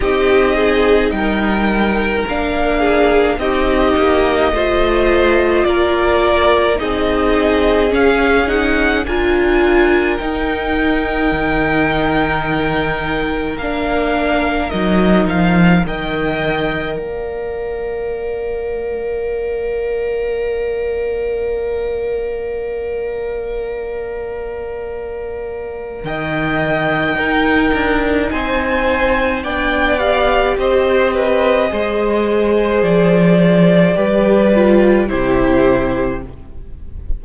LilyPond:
<<
  \new Staff \with { instrumentName = "violin" } { \time 4/4 \tempo 4 = 53 dis''4 g''4 f''4 dis''4~ | dis''4 d''4 dis''4 f''8 fis''8 | gis''4 g''2. | f''4 dis''8 f''8 g''4 f''4~ |
f''1~ | f''2. g''4~ | g''4 gis''4 g''8 f''8 dis''4~ | dis''4 d''2 c''4 | }
  \new Staff \with { instrumentName = "violin" } { \time 4/4 g'8 gis'8 ais'4. gis'8 g'4 | c''4 ais'4 gis'2 | ais'1~ | ais'2 dis''4 d''4~ |
d''1~ | d''2. dis''4 | ais'4 c''4 d''4 c''8 b'8 | c''2 b'4 g'4 | }
  \new Staff \with { instrumentName = "viola" } { \time 4/4 dis'2 d'4 dis'4 | f'2 dis'4 cis'8 dis'8 | f'4 dis'2. | d'4 dis'4 ais'2~ |
ais'1~ | ais'1 | dis'2 d'8 g'4. | gis'2 g'8 f'8 e'4 | }
  \new Staff \with { instrumentName = "cello" } { \time 4/4 c'4 g4 ais4 c'8 ais8 | a4 ais4 c'4 cis'4 | d'4 dis'4 dis2 | ais4 fis8 f8 dis4 ais4~ |
ais1~ | ais2. dis4 | dis'8 d'8 c'4 b4 c'4 | gis4 f4 g4 c4 | }
>>